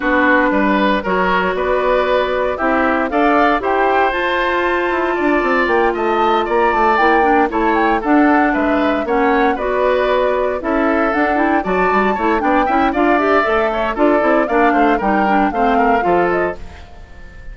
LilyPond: <<
  \new Staff \with { instrumentName = "flute" } { \time 4/4 \tempo 4 = 116 b'2 cis''4 d''4~ | d''4 e''4 f''4 g''4 | a''2. g''8 a''8~ | a''8 ais''8 a''8 g''4 a''8 g''8 fis''8~ |
fis''8 e''4 fis''4 d''4.~ | d''8 e''4 fis''8 g''8 a''4. | g''4 f''8 e''4. d''4 | f''4 g''4 f''4. dis''8 | }
  \new Staff \with { instrumentName = "oboe" } { \time 4/4 fis'4 b'4 ais'4 b'4~ | b'4 g'4 d''4 c''4~ | c''2 d''4. dis''8~ | dis''8 d''2 cis''4 a'8~ |
a'8 b'4 cis''4 b'4.~ | b'8 a'2 d''4 cis''8 | d''8 e''8 d''4. cis''8 a'4 | d''8 c''8 ais'4 c''8 ais'8 a'4 | }
  \new Staff \with { instrumentName = "clarinet" } { \time 4/4 d'2 fis'2~ | fis'4 e'4 a'4 g'4 | f'1~ | f'4. e'8 d'8 e'4 d'8~ |
d'4. cis'4 fis'4.~ | fis'8 e'4 d'8 e'8 fis'4 e'8 | d'8 e'8 f'8 g'8 a'4 f'8 e'8 | d'4 dis'8 d'8 c'4 f'4 | }
  \new Staff \with { instrumentName = "bassoon" } { \time 4/4 b4 g4 fis4 b4~ | b4 c'4 d'4 e'4 | f'4. e'8 d'8 c'8 ais8 a8~ | a8 ais8 a8 ais4 a4 d'8~ |
d'8 gis4 ais4 b4.~ | b8 cis'4 d'4 fis8 g8 a8 | b8 cis'8 d'4 a4 d'8 c'8 | ais8 a8 g4 a4 f4 | }
>>